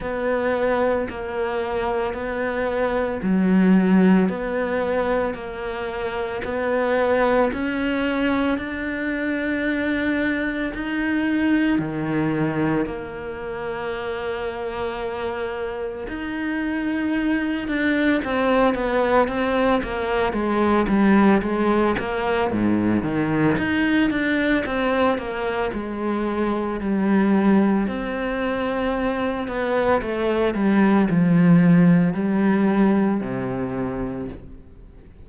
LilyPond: \new Staff \with { instrumentName = "cello" } { \time 4/4 \tempo 4 = 56 b4 ais4 b4 fis4 | b4 ais4 b4 cis'4 | d'2 dis'4 dis4 | ais2. dis'4~ |
dis'8 d'8 c'8 b8 c'8 ais8 gis8 g8 | gis8 ais8 gis,8 dis8 dis'8 d'8 c'8 ais8 | gis4 g4 c'4. b8 | a8 g8 f4 g4 c4 | }